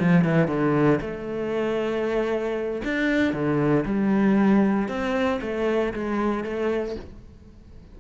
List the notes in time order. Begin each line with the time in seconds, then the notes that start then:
0.00 F3
0.25 E3
0.48 D3
1.01 A3
2.85 D4
3.33 D3
3.86 G3
4.89 C4
5.42 A3
5.94 G#3
6.44 A3